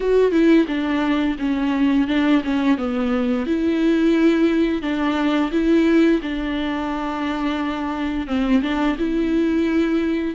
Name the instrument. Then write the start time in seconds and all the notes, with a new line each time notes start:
viola
0.00 F#4
0.31 E4
0.67 D4
1.38 C#4
2.07 D4
2.44 C#4
2.77 B3
3.46 E4
4.82 D4
5.51 E4
6.22 D4
8.27 C4
8.62 D4
8.98 E4